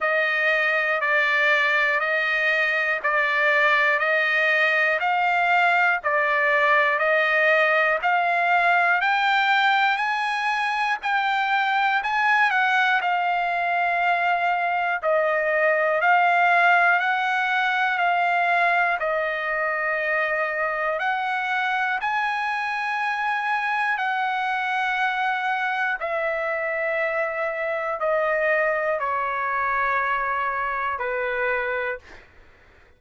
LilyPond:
\new Staff \with { instrumentName = "trumpet" } { \time 4/4 \tempo 4 = 60 dis''4 d''4 dis''4 d''4 | dis''4 f''4 d''4 dis''4 | f''4 g''4 gis''4 g''4 | gis''8 fis''8 f''2 dis''4 |
f''4 fis''4 f''4 dis''4~ | dis''4 fis''4 gis''2 | fis''2 e''2 | dis''4 cis''2 b'4 | }